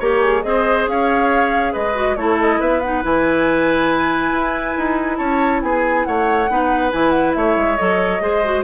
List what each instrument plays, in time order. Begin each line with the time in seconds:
0.00 bassoon A#3, clarinet G4, flute A#4, oboe C#5
0.21 flute G#4
0.43 bassoon C4, clarinet G#4, oboe C5, flute D#5
0.88 bassoon C#4, oboe C#5, flute F5
1.73 bassoon G#3, oboe B4, flute D#5
1.95 clarinet F#4
2.16 bassoon A3, clarinet E4, oboe A4, flute C#5
2.41 flute D#5
2.61 bassoon B3, oboe B4, flute E5
2.81 clarinet D#4, flute F#5
3.03 bassoon E3, clarinet E4, flute G#5
4.33 bassoon E4
4.78 bassoon D#4
5.18 bassoon C#4, oboe C#5, flute A5
5.63 bassoon B3, oboe G#4, flute G#5
6.05 bassoon A3, oboe C#5, flute F#5
6.49 bassoon B3, clarinet D#4, oboe B4
6.92 bassoon E3, clarinet E4, flute G#5
7.11 flute F#5
7.34 bassoon A3, oboe C#5, flute E5
7.57 bassoon G#3
7.77 bassoon F#3, clarinet A4, flute D#5
8.21 bassoon G#3, clarinet G#4, oboe C5
8.45 clarinet F#4